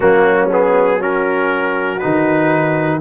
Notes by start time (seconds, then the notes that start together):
0.00 F#3 A#3 C#4 F#4
0.51 B3 G#4
1.00 C#4 F#4 A#4
1.99 D#3 D#4 B4